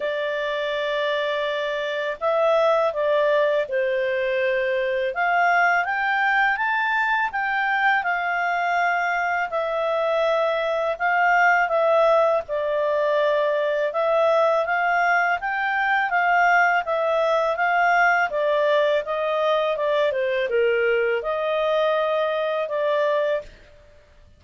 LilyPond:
\new Staff \with { instrumentName = "clarinet" } { \time 4/4 \tempo 4 = 82 d''2. e''4 | d''4 c''2 f''4 | g''4 a''4 g''4 f''4~ | f''4 e''2 f''4 |
e''4 d''2 e''4 | f''4 g''4 f''4 e''4 | f''4 d''4 dis''4 d''8 c''8 | ais'4 dis''2 d''4 | }